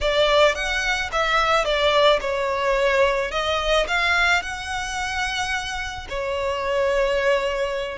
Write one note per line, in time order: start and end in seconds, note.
0.01 0.55 D5
0.55 1.10 F#5
1.12 1.64 E5
1.64 2.19 D5
2.20 3.31 C#5
3.31 3.86 D#5
3.87 4.42 F5
4.42 6.07 F#5
6.09 7.98 C#5